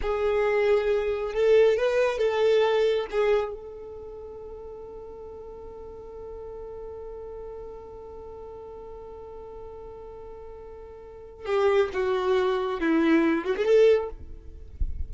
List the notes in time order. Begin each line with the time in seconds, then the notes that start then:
0.01 G#4
1.33 A4
1.76 B4
2.18 A4
3.11 G#4
3.53 A4
11.45 G4
11.93 F#4
12.80 E4
13.44 F#4
13.56 G#4
13.65 A4